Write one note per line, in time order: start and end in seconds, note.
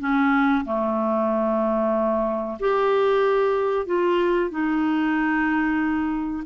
0.00 0.65 C#4
0.65 2.59 A3
2.60 3.87 G4
3.87 4.51 F4
4.51 6.44 D#4